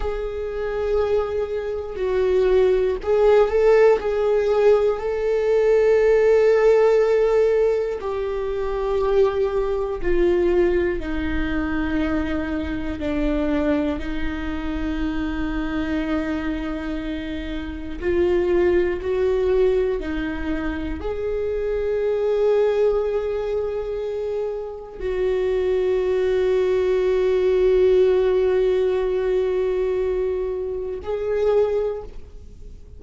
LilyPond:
\new Staff \with { instrumentName = "viola" } { \time 4/4 \tempo 4 = 60 gis'2 fis'4 gis'8 a'8 | gis'4 a'2. | g'2 f'4 dis'4~ | dis'4 d'4 dis'2~ |
dis'2 f'4 fis'4 | dis'4 gis'2.~ | gis'4 fis'2.~ | fis'2. gis'4 | }